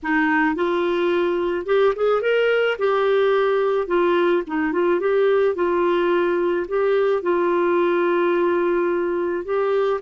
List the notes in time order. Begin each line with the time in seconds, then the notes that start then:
0.03 D#4
0.55 F4
1.66 G4
1.95 G#4
2.21 A#4
2.78 G4
3.87 F4
4.46 D#4
4.72 F4
4.99 G4
5.55 F4
6.68 G4
7.22 F4
9.44 G4